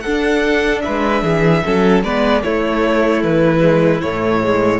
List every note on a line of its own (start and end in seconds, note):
0.00 0.85 D4
0.00 0.82 A4
0.00 0.80 F#5
0.06 1.64 D4
0.81 1.23 B4
0.81 2.01 E5
0.87 1.22 G#3
1.22 1.62 E3
1.22 1.63 G#4
1.64 2.03 F#3
1.64 2.04 C#4
1.64 2.04 A4
2.03 2.43 G#3
2.03 2.42 B3
2.03 2.43 B4
2.03 2.42 D5
2.42 3.60 A3
2.42 3.23 A3
2.42 4.79 E4
2.42 3.22 C#5
3.23 4.03 E3
3.23 4.01 B4
3.60 4.00 G#3
4.01 4.79 A2
4.01 4.43 A3
4.01 4.79 C#5
4.43 4.79 G#3